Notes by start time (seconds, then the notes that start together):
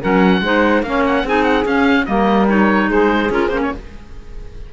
0.00 F#3 C#4 A#4 F#5
0.41 G#3 D#4 C5
0.83 A#3 C#4 C#5 F5
1.07 F#5
1.24 C4 D#4 G#4 G#5
1.44 F#5
1.64 C#4 F5
2.06 G3 A#3 A#4 D#5
2.49 D#4 C#5
2.88 G#3 G#4 C5
3.30 C#4 F4 A#4
3.49 A#3 C#4 C5
3.63 C#5